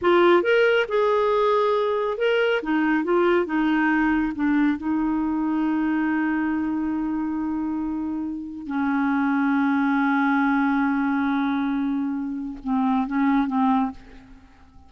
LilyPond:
\new Staff \with { instrumentName = "clarinet" } { \time 4/4 \tempo 4 = 138 f'4 ais'4 gis'2~ | gis'4 ais'4 dis'4 f'4 | dis'2 d'4 dis'4~ | dis'1~ |
dis'1 | cis'1~ | cis'1~ | cis'4 c'4 cis'4 c'4 | }